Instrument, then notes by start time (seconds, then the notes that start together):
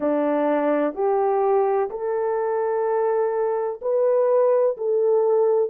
horn
0.00 D4
0.94 G4
1.90 A4
3.81 B4
4.77 A4